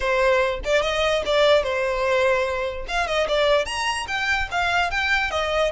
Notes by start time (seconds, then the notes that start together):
0.00 C5
0.64 D5
0.82 D#5
1.25 D5
1.63 C5
2.88 F5
3.06 D#5
3.28 D5
3.65 A#5
4.07 G5
4.51 F5
4.90 G5
5.30 D#5